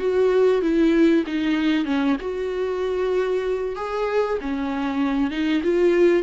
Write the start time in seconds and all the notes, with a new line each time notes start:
0.00 F#4
0.62 E4
1.27 D#4
1.86 C#4
2.21 F#4
3.76 G#4
4.41 C#4
5.31 D#4
5.64 F4